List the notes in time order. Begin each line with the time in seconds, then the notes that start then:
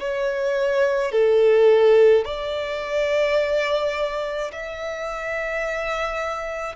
0.00 C#5
1.12 A4
2.25 D5
4.52 E5